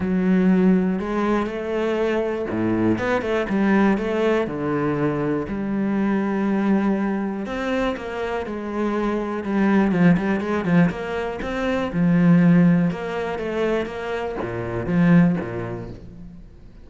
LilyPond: \new Staff \with { instrumentName = "cello" } { \time 4/4 \tempo 4 = 121 fis2 gis4 a4~ | a4 a,4 b8 a8 g4 | a4 d2 g4~ | g2. c'4 |
ais4 gis2 g4 | f8 g8 gis8 f8 ais4 c'4 | f2 ais4 a4 | ais4 ais,4 f4 ais,4 | }